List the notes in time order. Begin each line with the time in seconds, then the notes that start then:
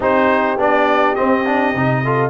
0.00 C4 D#4 G4 C5
0.57 B3 D4 D5
1.15 C4 D#5
1.45 D4
1.74 C3 D#4
2.04 F4 A4